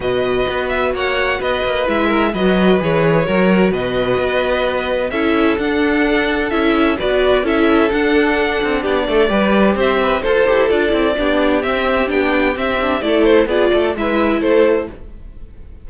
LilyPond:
<<
  \new Staff \with { instrumentName = "violin" } { \time 4/4 \tempo 4 = 129 dis''4. e''8 fis''4 dis''4 | e''4 dis''4 cis''2 | dis''2. e''4 | fis''2 e''4 d''4 |
e''4 fis''2 d''4~ | d''4 e''4 c''4 d''4~ | d''4 e''4 g''4 e''4 | d''8 c''8 d''4 e''4 c''4 | }
  \new Staff \with { instrumentName = "violin" } { \time 4/4 b'2 cis''4 b'4~ | b'8 ais'8 b'2 ais'4 | b'2. a'4~ | a'2. b'4 |
a'2. g'8 a'8 | b'4 c''8 b'8 a'2 | g'1 | a'4 gis'8 a'8 b'4 a'4 | }
  \new Staff \with { instrumentName = "viola" } { \time 4/4 fis'1 | e'4 fis'4 gis'4 fis'4~ | fis'2. e'4 | d'2 e'4 fis'4 |
e'4 d'2. | g'2 a'8 g'8 f'8 e'8 | d'4 c'4 d'4 c'8 d'8 | e'4 f'4 e'2 | }
  \new Staff \with { instrumentName = "cello" } { \time 4/4 b,4 b4 ais4 b8 ais8 | gis4 fis4 e4 fis4 | b,4 b2 cis'4 | d'2 cis'4 b4 |
cis'4 d'4. c'8 b8 a8 | g4 c'4 f'8 e'8 d'8 c'8 | b4 c'4 b4 c'4 | a4 b8 a8 gis4 a4 | }
>>